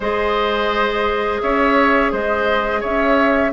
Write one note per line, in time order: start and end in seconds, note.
0.00 1.41 G#3
0.00 3.52 G#4
0.00 1.41 C5
0.00 1.41 D#5
1.41 2.12 C#4
1.41 2.12 C#5
1.41 2.12 E5
2.12 2.83 G#3
2.12 2.80 C5
2.12 2.82 D#5
2.80 3.52 C#4
2.80 3.50 C#5
2.80 3.52 E5